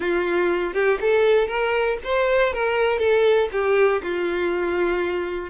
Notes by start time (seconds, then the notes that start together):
0.00 F4
0.73 G4
1.00 A4
1.47 A#4
2.04 C5
2.53 A#4
2.98 A4
3.51 G4
4.02 F4